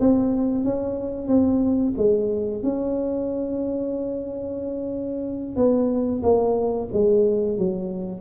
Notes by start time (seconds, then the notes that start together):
0.00 C4
0.64 C#4
1.28 C4
1.98 G#3
2.63 C#4
5.56 B3
6.23 A#3
6.93 G#3
7.58 F#3